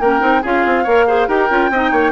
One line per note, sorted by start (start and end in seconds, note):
0.00 0.21 A#3
0.00 0.20 C#4
0.00 0.42 A#4
0.00 0.43 G5
0.20 0.43 C4
0.20 0.41 D#4
0.42 0.66 C#4
0.42 0.86 F4
0.42 0.84 G#4
0.42 1.28 F5
0.66 0.86 C4
0.84 1.28 A#3
0.84 1.08 A#4
0.84 1.05 C#5
1.08 1.28 G#4
1.08 1.28 C5
1.28 1.49 D#4
1.28 1.49 G4
1.28 1.70 A#4
1.28 2.12 G5
1.50 1.70 C#4
1.50 1.71 F4
1.70 1.92 C4
1.70 2.12 D#4
1.70 1.92 D#5
1.92 2.12 A#3
1.92 2.12 C#5